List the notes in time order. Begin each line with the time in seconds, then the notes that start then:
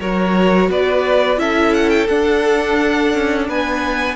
0.00 F#3 F#4 A#4 C#5
0.70 B3 B4 D5
1.38 C#4 E4 A4 E5
1.74 F#5
1.90 G5
2.08 D4 F#5
3.14 C#4
3.49 B3 B4 G#5